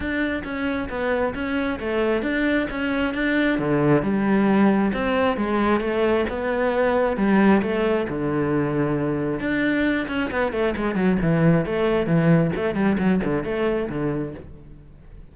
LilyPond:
\new Staff \with { instrumentName = "cello" } { \time 4/4 \tempo 4 = 134 d'4 cis'4 b4 cis'4 | a4 d'4 cis'4 d'4 | d4 g2 c'4 | gis4 a4 b2 |
g4 a4 d2~ | d4 d'4. cis'8 b8 a8 | gis8 fis8 e4 a4 e4 | a8 g8 fis8 d8 a4 d4 | }